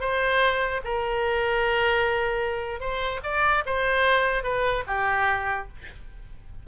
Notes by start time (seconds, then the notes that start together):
0.00 C5
0.84 A#4
2.80 C5
3.23 D5
3.66 C5
4.43 B4
4.87 G4